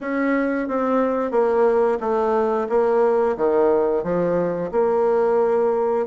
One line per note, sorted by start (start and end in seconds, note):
0.01 0.67 C#4
0.67 1.31 C4
1.31 1.98 A#3
2.00 2.67 A3
2.69 3.36 A#3
3.36 4.03 D#3
4.03 4.70 F3
4.71 6.06 A#3